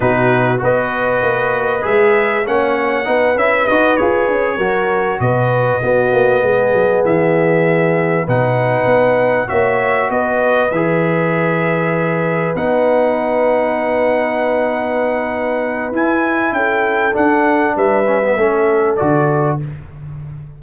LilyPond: <<
  \new Staff \with { instrumentName = "trumpet" } { \time 4/4 \tempo 4 = 98 b'4 dis''2 e''4 | fis''4. e''8 dis''8 cis''4.~ | cis''8 dis''2. e''8~ | e''4. fis''2 e''8~ |
e''8 dis''4 e''2~ e''8~ | e''8 fis''2.~ fis''8~ | fis''2 gis''4 g''4 | fis''4 e''2 d''4 | }
  \new Staff \with { instrumentName = "horn" } { \time 4/4 fis'4 b'2. | cis''4 b'2~ b'8 ais'8~ | ais'8 b'4 fis'4 gis'4.~ | gis'4. b'2 cis''8~ |
cis''8 b'2.~ b'8~ | b'1~ | b'2. a'4~ | a'4 b'4 a'2 | }
  \new Staff \with { instrumentName = "trombone" } { \time 4/4 dis'4 fis'2 gis'4 | cis'4 dis'8 e'8 fis'8 gis'4 fis'8~ | fis'4. b2~ b8~ | b4. dis'2 fis'8~ |
fis'4. gis'2~ gis'8~ | gis'8 dis'2.~ dis'8~ | dis'2 e'2 | d'4. cis'16 b16 cis'4 fis'4 | }
  \new Staff \with { instrumentName = "tuba" } { \time 4/4 b,4 b4 ais4 gis4 | ais4 b8 cis'8 dis'8 f'8 cis'8 fis8~ | fis8 b,4 b8 ais8 gis8 fis8 e8~ | e4. b,4 b4 ais8~ |
ais8 b4 e2~ e8~ | e8 b2.~ b8~ | b2 e'4 cis'4 | d'4 g4 a4 d4 | }
>>